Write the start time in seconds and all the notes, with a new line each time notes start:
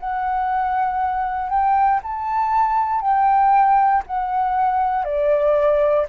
0.00 F#5
1.50 G5
2.03 A5
3.01 G5
4.07 F#5
5.05 D5